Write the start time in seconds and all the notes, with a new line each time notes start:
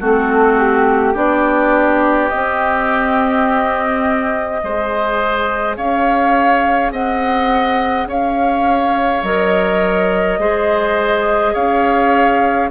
0.00 A3 C4 F#4 A4
0.59 G4
1.14 B3 D4 G4 D5
2.29 C4 D#5
4.61 G#3 G#4 C5
5.77 C#4 C#5 F5
6.92 C4 D#5 F#5
8.07 C#4 C#5 F5
9.23 F#3 A#4 D#5
10.39 G#3 G#4 C5
11.54 C#4 C#5 F5